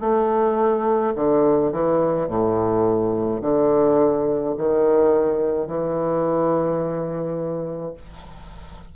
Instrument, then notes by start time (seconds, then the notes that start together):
bassoon
0.00 A3
1.15 D3
1.72 E3
2.28 A2
3.41 D3
4.57 D#3
5.67 E3